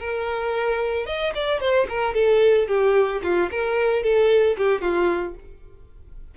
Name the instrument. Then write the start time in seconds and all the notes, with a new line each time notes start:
violin
0.00 A#4
1.07 D#5
1.35 D5
1.60 C5
1.89 A#4
2.15 A4
2.68 G4
3.24 F4
3.51 A#4
4.03 A4
4.58 G4
4.82 F4